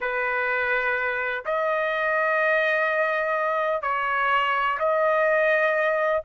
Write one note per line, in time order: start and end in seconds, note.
0.00 1.44 B4
1.45 3.82 D#5
3.82 4.78 C#5
4.79 6.23 D#5